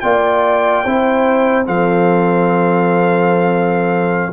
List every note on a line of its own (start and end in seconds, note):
0.00 0.85 A#3
0.00 0.85 F4
0.00 0.84 D5
0.00 1.64 G5
0.84 1.67 C4
0.84 1.65 E4
0.84 1.66 C5
1.65 4.32 F3
1.65 4.32 C4
1.65 4.32 A4
1.65 4.32 F5